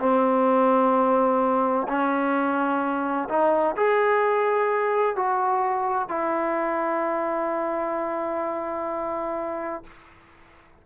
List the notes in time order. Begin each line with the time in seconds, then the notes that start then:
0.00 C4
1.88 C#4
3.29 D#4
3.77 G#4
5.16 F#4
6.09 E4